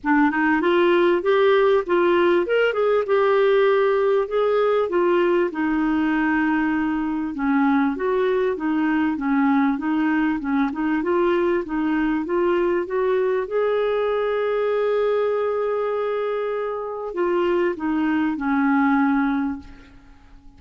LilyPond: \new Staff \with { instrumentName = "clarinet" } { \time 4/4 \tempo 4 = 98 d'8 dis'8 f'4 g'4 f'4 | ais'8 gis'8 g'2 gis'4 | f'4 dis'2. | cis'4 fis'4 dis'4 cis'4 |
dis'4 cis'8 dis'8 f'4 dis'4 | f'4 fis'4 gis'2~ | gis'1 | f'4 dis'4 cis'2 | }